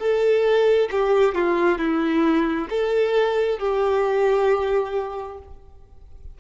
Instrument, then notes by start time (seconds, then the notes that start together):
violin
0.00 A4
0.92 G4
1.36 F4
1.79 E4
2.70 A4
3.59 G4